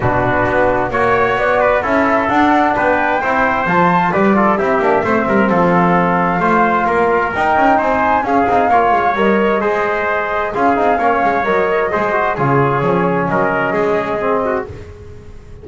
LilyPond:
<<
  \new Staff \with { instrumentName = "flute" } { \time 4/4 \tempo 4 = 131 b'2 cis''4 d''4 | e''4 fis''4 g''2 | a''4 d''4 e''2 | f''1 |
g''4 gis''4 f''2 | dis''2. f''4~ | f''4 dis''2 cis''4~ | cis''4 dis''2. | }
  \new Staff \with { instrumentName = "trumpet" } { \time 4/4 fis'2 cis''4. b'8 | a'2 b'4 c''4~ | c''4 b'8 a'8 g'4 c''8 ais'8 | a'2 c''4 ais'4~ |
ais'4 c''4 gis'4 cis''4~ | cis''4 c''2 gis'4 | cis''2 c''4 gis'4~ | gis'4 ais'4 gis'4. fis'8 | }
  \new Staff \with { instrumentName = "trombone" } { \time 4/4 d'2 fis'2 | e'4 d'2 e'4 | f'4 g'8 f'8 e'8 d'8 c'4~ | c'2 f'2 |
dis'2 cis'8 dis'8 f'4 | ais'4 gis'2 f'8 dis'8 | cis'4 ais'4 gis'8 fis'8 f'4 | cis'2. c'4 | }
  \new Staff \with { instrumentName = "double bass" } { \time 4/4 b,4 b4 ais4 b4 | cis'4 d'4 b4 c'4 | f4 g4 c'8 ais8 a8 g8 | f2 a4 ais4 |
dis'8 cis'8 c'4 cis'8 c'8 ais8 gis8 | g4 gis2 cis'8 c'8 | ais8 gis8 fis4 gis4 cis4 | f4 fis4 gis2 | }
>>